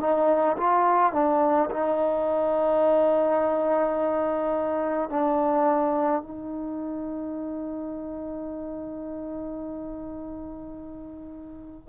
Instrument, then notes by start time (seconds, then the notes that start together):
trombone
0.00 D#4
0.57 F4
1.13 D4
1.70 D#4
5.09 D4
6.22 D#4